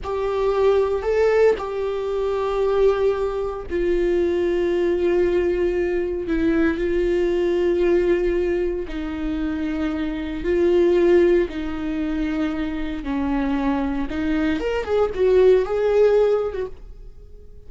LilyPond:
\new Staff \with { instrumentName = "viola" } { \time 4/4 \tempo 4 = 115 g'2 a'4 g'4~ | g'2. f'4~ | f'1 | e'4 f'2.~ |
f'4 dis'2. | f'2 dis'2~ | dis'4 cis'2 dis'4 | ais'8 gis'8 fis'4 gis'4.~ gis'16 fis'16 | }